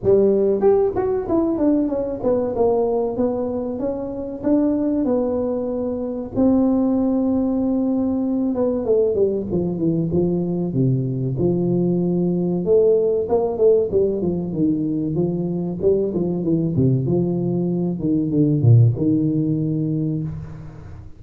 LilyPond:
\new Staff \with { instrumentName = "tuba" } { \time 4/4 \tempo 4 = 95 g4 g'8 fis'8 e'8 d'8 cis'8 b8 | ais4 b4 cis'4 d'4 | b2 c'2~ | c'4. b8 a8 g8 f8 e8 |
f4 c4 f2 | a4 ais8 a8 g8 f8 dis4 | f4 g8 f8 e8 c8 f4~ | f8 dis8 d8 ais,8 dis2 | }